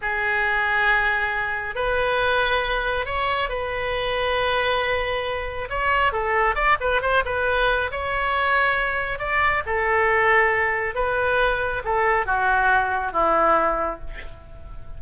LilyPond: \new Staff \with { instrumentName = "oboe" } { \time 4/4 \tempo 4 = 137 gis'1 | b'2. cis''4 | b'1~ | b'4 cis''4 a'4 d''8 b'8 |
c''8 b'4. cis''2~ | cis''4 d''4 a'2~ | a'4 b'2 a'4 | fis'2 e'2 | }